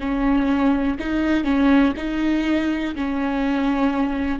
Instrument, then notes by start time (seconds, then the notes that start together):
viola
0.00 C#4
1.00 D#4
1.45 C#4
1.97 D#4
2.96 C#4